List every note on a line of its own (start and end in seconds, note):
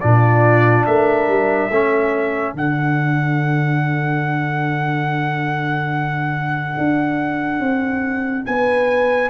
0.00 0.87 A#2
0.00 1.70 D4
0.00 0.88 F4
0.00 0.85 D5
0.86 1.28 A3
0.86 1.71 A#4
0.86 2.55 E5
1.28 1.70 G3
1.70 2.53 A3
1.70 2.55 C#4
1.70 8.48 A4
2.53 6.76 D3
2.53 9.30 D4
2.53 8.46 F#5
6.78 7.60 D4
7.60 8.44 C4
8.46 9.30 B3
8.46 9.30 B4
8.46 9.30 G#5